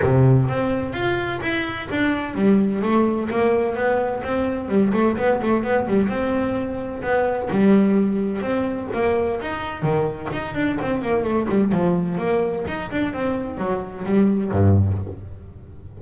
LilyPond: \new Staff \with { instrumentName = "double bass" } { \time 4/4 \tempo 4 = 128 c4 c'4 f'4 e'4 | d'4 g4 a4 ais4 | b4 c'4 g8 a8 b8 a8 | b8 g8 c'2 b4 |
g2 c'4 ais4 | dis'4 dis4 dis'8 d'8 c'8 ais8 | a8 g8 f4 ais4 dis'8 d'8 | c'4 fis4 g4 g,4 | }